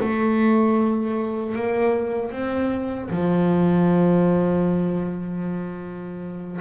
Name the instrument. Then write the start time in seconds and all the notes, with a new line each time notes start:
double bass
0.00 A3
1.55 A#3
2.32 C4
3.10 F3